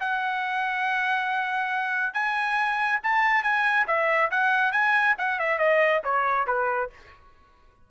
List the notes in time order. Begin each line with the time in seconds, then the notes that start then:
0.00 F#5
2.13 G#5
3.03 A5
3.43 G#5
3.87 E5
4.30 F#5
4.72 G#5
5.18 F#5
5.39 E5
5.58 D#5
6.04 C#5
6.46 B4